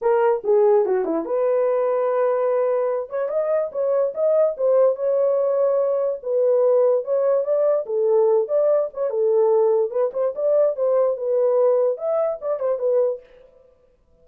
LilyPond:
\new Staff \with { instrumentName = "horn" } { \time 4/4 \tempo 4 = 145 ais'4 gis'4 fis'8 e'8 b'4~ | b'2.~ b'8 cis''8 | dis''4 cis''4 dis''4 c''4 | cis''2. b'4~ |
b'4 cis''4 d''4 a'4~ | a'8 d''4 cis''8 a'2 | b'8 c''8 d''4 c''4 b'4~ | b'4 e''4 d''8 c''8 b'4 | }